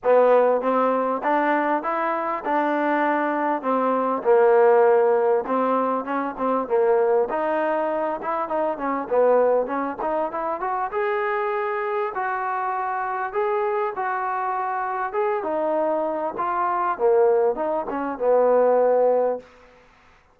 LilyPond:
\new Staff \with { instrumentName = "trombone" } { \time 4/4 \tempo 4 = 99 b4 c'4 d'4 e'4 | d'2 c'4 ais4~ | ais4 c'4 cis'8 c'8 ais4 | dis'4. e'8 dis'8 cis'8 b4 |
cis'8 dis'8 e'8 fis'8 gis'2 | fis'2 gis'4 fis'4~ | fis'4 gis'8 dis'4. f'4 | ais4 dis'8 cis'8 b2 | }